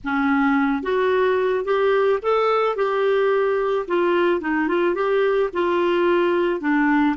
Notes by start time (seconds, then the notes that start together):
0.04 C#4
0.82 F#4
1.64 G4
2.22 A4
2.75 G4
3.87 F4
4.40 D#4
4.68 F4
4.94 G4
5.53 F4
6.60 D4